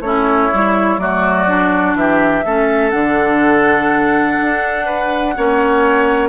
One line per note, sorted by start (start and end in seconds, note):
0.00 0.48 A3
0.00 0.52 C#4
0.00 1.01 E4
0.00 0.98 C#5
0.53 0.97 G3
0.53 0.98 E4
0.97 1.94 F#3
0.97 1.46 A3
0.97 1.97 F#4
0.97 1.95 D5
1.47 2.44 D4
1.94 2.43 E3
1.94 2.45 G4
1.94 2.90 E5
2.45 2.93 A3
2.45 2.91 C#4
2.45 4.85 A4
2.90 4.38 D3
2.90 5.33 D4
2.90 6.28 F#5
4.41 5.37 D4
4.85 5.34 B4
5.36 6.29 A#3
5.36 6.29 C#4
5.36 6.29 C#5